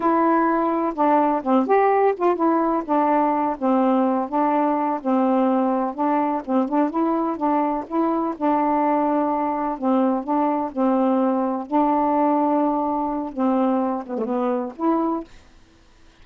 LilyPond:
\new Staff \with { instrumentName = "saxophone" } { \time 4/4 \tempo 4 = 126 e'2 d'4 c'8 g'8~ | g'8 f'8 e'4 d'4. c'8~ | c'4 d'4. c'4.~ | c'8 d'4 c'8 d'8 e'4 d'8~ |
d'8 e'4 d'2~ d'8~ | d'8 c'4 d'4 c'4.~ | c'8 d'2.~ d'8 | c'4. b16 a16 b4 e'4 | }